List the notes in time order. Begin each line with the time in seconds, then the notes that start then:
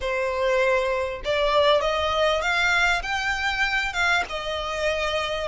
0.00 C5
1.24 D5
1.81 D#5
2.41 F5
3.02 G5
3.93 F5
4.29 D#5